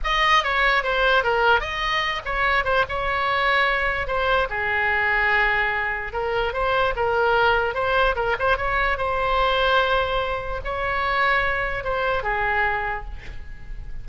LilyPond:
\new Staff \with { instrumentName = "oboe" } { \time 4/4 \tempo 4 = 147 dis''4 cis''4 c''4 ais'4 | dis''4. cis''4 c''8 cis''4~ | cis''2 c''4 gis'4~ | gis'2. ais'4 |
c''4 ais'2 c''4 | ais'8 c''8 cis''4 c''2~ | c''2 cis''2~ | cis''4 c''4 gis'2 | }